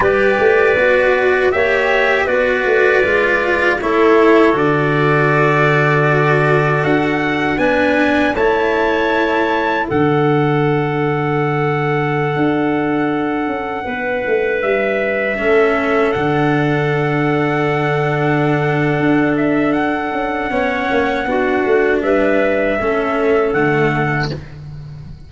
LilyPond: <<
  \new Staff \with { instrumentName = "trumpet" } { \time 4/4 \tempo 4 = 79 d''2 e''4 d''4~ | d''4 cis''4 d''2~ | d''4 fis''4 gis''4 a''4~ | a''4 fis''2.~ |
fis''2.~ fis''16 e''8.~ | e''4~ e''16 fis''2~ fis''8.~ | fis''4. e''8 fis''2~ | fis''4 e''2 fis''4 | }
  \new Staff \with { instrumentName = "clarinet" } { \time 4/4 b'2 cis''4 b'4~ | b'4 a'2.~ | a'2 b'4 cis''4~ | cis''4 a'2.~ |
a'2~ a'16 b'4.~ b'16~ | b'16 a'2.~ a'8.~ | a'2. cis''4 | fis'4 b'4 a'2 | }
  \new Staff \with { instrumentName = "cello" } { \time 4/4 g'4 fis'4 g'4 fis'4 | f'4 e'4 fis'2~ | fis'2 d'4 e'4~ | e'4 d'2.~ |
d'1~ | d'16 cis'4 d'2~ d'8.~ | d'2. cis'4 | d'2 cis'4 a4 | }
  \new Staff \with { instrumentName = "tuba" } { \time 4/4 g8 a8 b4 ais4 b8 a8 | gis4 a4 d2~ | d4 d'4 b4 a4~ | a4 d2.~ |
d16 d'4. cis'8 b8 a8 g8.~ | g16 a4 d2~ d8.~ | d4 d'4. cis'8 b8 ais8 | b8 a8 g4 a4 d4 | }
>>